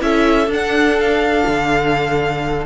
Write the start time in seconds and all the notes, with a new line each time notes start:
0.00 C#4 E4 A4 E5
0.47 D4
0.53 F#5
1.00 F5
1.47 D3